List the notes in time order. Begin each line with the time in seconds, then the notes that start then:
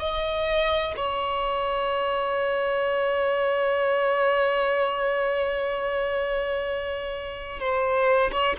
0.00 D#5
0.97 C#5
7.60 C5
8.32 C#5